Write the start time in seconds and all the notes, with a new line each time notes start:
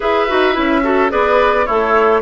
0.00 E4 G#4 B4 E5
0.28 D#4 F#4
0.53 C#4 E4
0.83 F#4 A4
1.09 B3 G#4 B4 D5
1.66 A3 E4 A4 C#5